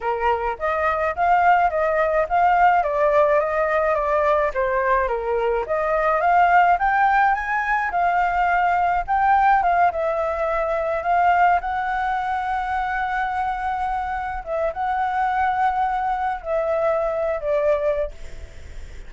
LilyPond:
\new Staff \with { instrumentName = "flute" } { \time 4/4 \tempo 4 = 106 ais'4 dis''4 f''4 dis''4 | f''4 d''4 dis''4 d''4 | c''4 ais'4 dis''4 f''4 | g''4 gis''4 f''2 |
g''4 f''8 e''2 f''8~ | f''8 fis''2.~ fis''8~ | fis''4. e''8 fis''2~ | fis''4 e''4.~ e''16 d''4~ d''16 | }